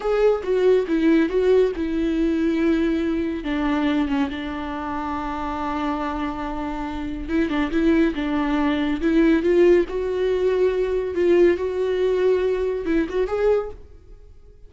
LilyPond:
\new Staff \with { instrumentName = "viola" } { \time 4/4 \tempo 4 = 140 gis'4 fis'4 e'4 fis'4 | e'1 | d'4. cis'8 d'2~ | d'1~ |
d'4 e'8 d'8 e'4 d'4~ | d'4 e'4 f'4 fis'4~ | fis'2 f'4 fis'4~ | fis'2 e'8 fis'8 gis'4 | }